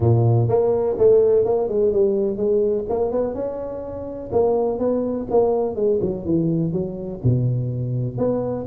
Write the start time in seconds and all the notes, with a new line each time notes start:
0.00 A#2
0.48 A#3
0.98 A3
1.45 A#3
1.68 G#3
1.92 G3
2.37 G#3
2.89 A#3
3.11 B3
3.34 C#4
4.32 A#3
4.78 B3
5.30 A#3
5.75 G#3
6.01 F#3
6.25 E3
6.72 F#3
7.23 B2
8.17 B3